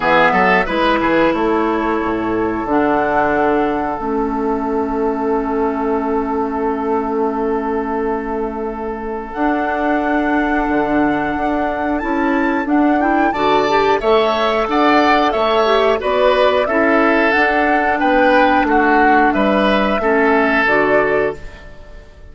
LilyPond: <<
  \new Staff \with { instrumentName = "flute" } { \time 4/4 \tempo 4 = 90 e''4 b'4 cis''2 | fis''2 e''2~ | e''1~ | e''2 fis''2~ |
fis''2 a''4 fis''8 g''8 | a''4 e''4 fis''4 e''4 | d''4 e''4 fis''4 g''4 | fis''4 e''2 d''4 | }
  \new Staff \with { instrumentName = "oboe" } { \time 4/4 gis'8 a'8 b'8 gis'8 a'2~ | a'1~ | a'1~ | a'1~ |
a'1 | d''4 cis''4 d''4 cis''4 | b'4 a'2 b'4 | fis'4 b'4 a'2 | }
  \new Staff \with { instrumentName = "clarinet" } { \time 4/4 b4 e'2. | d'2 cis'2~ | cis'1~ | cis'2 d'2~ |
d'2 e'4 d'8 e'8 | fis'8 g'8 a'2~ a'8 g'8 | fis'4 e'4 d'2~ | d'2 cis'4 fis'4 | }
  \new Staff \with { instrumentName = "bassoon" } { \time 4/4 e8 fis8 gis8 e8 a4 a,4 | d2 a2~ | a1~ | a2 d'2 |
d4 d'4 cis'4 d'4 | d4 a4 d'4 a4 | b4 cis'4 d'4 b4 | a4 g4 a4 d4 | }
>>